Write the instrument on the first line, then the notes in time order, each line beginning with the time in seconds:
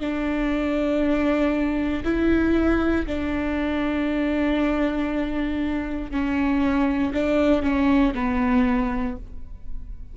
viola
0.00 D4
2.04 E4
3.06 D4
6.11 C#4
7.13 D4
7.62 C#4
8.14 B3